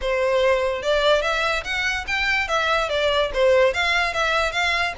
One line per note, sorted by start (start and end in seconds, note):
0.01 0.82 C5
0.82 1.22 D5
1.22 1.63 E5
1.64 2.05 F#5
2.07 2.48 G5
2.48 2.89 E5
2.89 3.30 D5
3.33 3.73 C5
3.73 4.13 F5
4.13 4.52 E5
4.52 4.93 F5